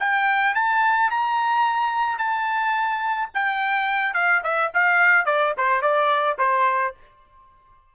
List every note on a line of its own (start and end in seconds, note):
0.00 0.55 G5
0.55 1.11 A5
1.11 2.18 A#5
2.18 3.29 A5
3.34 4.14 G5
4.14 4.42 F5
4.44 4.71 E5
4.74 5.26 F5
5.26 5.54 D5
5.57 5.82 C5
5.82 6.37 D5
6.39 6.94 C5